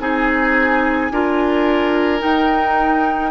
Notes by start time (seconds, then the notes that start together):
0.00 C4 D#4 G#4 G#5
1.11 D4 F4 A#4
2.20 D#4 G5